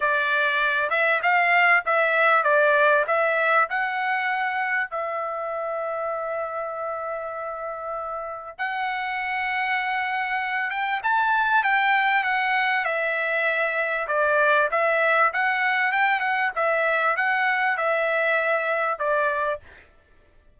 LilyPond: \new Staff \with { instrumentName = "trumpet" } { \time 4/4 \tempo 4 = 98 d''4. e''8 f''4 e''4 | d''4 e''4 fis''2 | e''1~ | e''2 fis''2~ |
fis''4. g''8 a''4 g''4 | fis''4 e''2 d''4 | e''4 fis''4 g''8 fis''8 e''4 | fis''4 e''2 d''4 | }